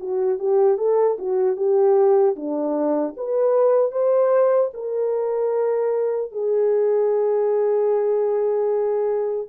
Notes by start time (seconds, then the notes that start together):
0.00 F#4
0.39 G4
0.78 A4
1.18 F#4
1.57 G4
2.36 D4
3.17 B4
3.92 C5
4.74 A#4
6.32 G#4